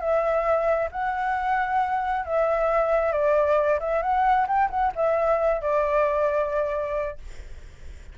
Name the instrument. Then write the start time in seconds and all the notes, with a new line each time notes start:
flute
0.00 E5
0.92 F#5
2.26 E5
3.13 D5
3.80 E5
4.03 F#5
4.48 G5
4.71 F#5
4.96 E5
5.62 D5